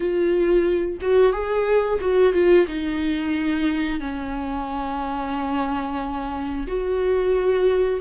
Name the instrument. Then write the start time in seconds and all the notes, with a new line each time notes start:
viola
0.00 F4
1.01 F#4
1.32 G#4
2.00 F#4
2.33 F4
2.67 D#4
4.00 C#4
6.67 F#4